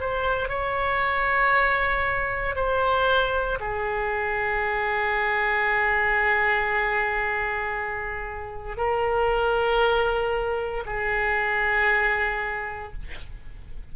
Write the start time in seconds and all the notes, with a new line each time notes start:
0.00 C5
0.48 C#5
2.55 C5
3.60 G#4
8.77 A#4
10.86 G#4